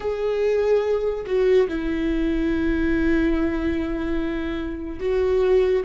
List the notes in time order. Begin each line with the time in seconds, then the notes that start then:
0.00 G#4
1.25 F#4
1.68 E4
4.99 F#4